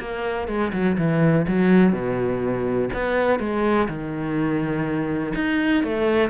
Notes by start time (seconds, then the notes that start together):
0.00 A#3
0.48 G#3
0.73 F#3
0.98 E3
1.48 F#3
1.93 B2
2.94 B3
3.40 G#3
3.88 D#3
5.35 D#4
5.84 A3